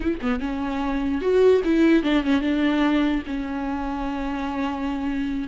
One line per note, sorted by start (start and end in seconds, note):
0.00 0.18 E4
0.21 0.40 B3
0.40 1.21 C#4
1.21 1.61 F#4
1.64 2.03 E4
2.03 2.23 D4
2.23 2.41 C#4
2.41 3.22 D4
3.26 5.48 C#4